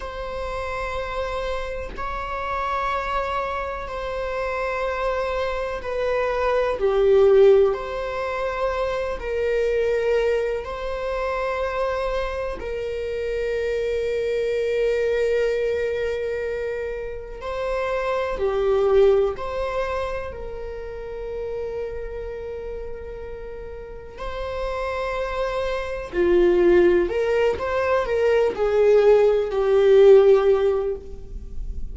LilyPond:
\new Staff \with { instrumentName = "viola" } { \time 4/4 \tempo 4 = 62 c''2 cis''2 | c''2 b'4 g'4 | c''4. ais'4. c''4~ | c''4 ais'2.~ |
ais'2 c''4 g'4 | c''4 ais'2.~ | ais'4 c''2 f'4 | ais'8 c''8 ais'8 gis'4 g'4. | }